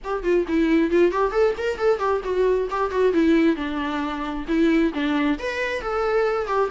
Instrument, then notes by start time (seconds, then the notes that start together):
viola
0.03 G4
0.23 F4
0.48 E4
0.91 F4
1.11 G4
1.31 A4
1.57 A#4
1.77 A4
1.98 G4
2.23 F#4
2.70 G4
2.90 F#4
3.13 E4
3.56 D4
4.47 E4
4.93 D4
5.38 B4
5.81 A4
6.47 G4